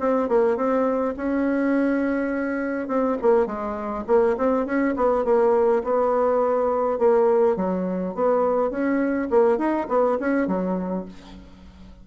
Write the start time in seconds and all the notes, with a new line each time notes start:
0.00 C4
0.29 A#3
0.56 C4
1.17 C#4
2.88 C4
3.22 A#3
3.46 G#3
4.07 A#3
4.37 C4
4.66 C#4
4.96 B3
5.25 A#3
5.84 B3
6.99 A#3
7.56 F#3
8.14 B3
8.71 C#4
9.30 A#3
9.58 D#4
9.88 B3
10.20 C#4
10.47 F#3